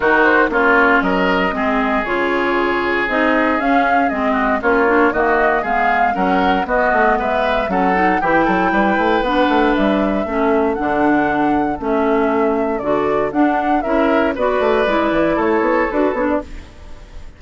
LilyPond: <<
  \new Staff \with { instrumentName = "flute" } { \time 4/4 \tempo 4 = 117 ais'8 c''8 cis''4 dis''2 | cis''2 dis''4 f''4 | dis''4 cis''4 dis''4 f''4 | fis''4 dis''4 e''4 fis''4 |
g''2 fis''4 e''4~ | e''4 fis''2 e''4~ | e''4 d''4 fis''4 e''4 | d''2 cis''4 b'8 cis''16 d''16 | }
  \new Staff \with { instrumentName = "oboe" } { \time 4/4 fis'4 f'4 ais'4 gis'4~ | gis'1~ | gis'8 fis'8 f'4 fis'4 gis'4 | ais'4 fis'4 b'4 a'4 |
g'8 a'8 b'2. | a'1~ | a'2. ais'4 | b'2 a'2 | }
  \new Staff \with { instrumentName = "clarinet" } { \time 4/4 dis'4 cis'2 c'4 | f'2 dis'4 cis'4 | c'4 cis'8 d'8 ais4 b4 | cis'4 b2 cis'8 dis'8 |
e'2 d'2 | cis'4 d'2 cis'4~ | cis'4 fis'4 d'4 e'4 | fis'4 e'2 fis'8 d'8 | }
  \new Staff \with { instrumentName = "bassoon" } { \time 4/4 dis4 ais4 fis4 gis4 | cis2 c'4 cis'4 | gis4 ais4 dis4 gis4 | fis4 b8 a8 gis4 fis4 |
e8 fis8 g8 a8 b8 a8 g4 | a4 d2 a4~ | a4 d4 d'4 cis'4 | b8 a8 gis8 e8 a8 b8 d'8 b8 | }
>>